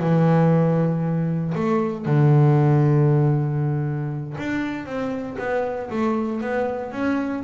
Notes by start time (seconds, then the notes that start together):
0.00 E3
1.55 A3
2.06 D3
4.38 D4
4.86 C4
5.39 B3
5.90 A3
6.41 B3
6.93 C#4